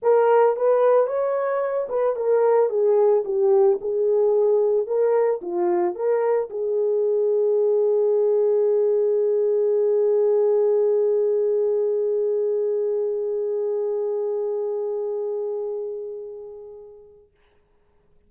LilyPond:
\new Staff \with { instrumentName = "horn" } { \time 4/4 \tempo 4 = 111 ais'4 b'4 cis''4. b'8 | ais'4 gis'4 g'4 gis'4~ | gis'4 ais'4 f'4 ais'4 | gis'1~ |
gis'1~ | gis'1~ | gis'1~ | gis'1 | }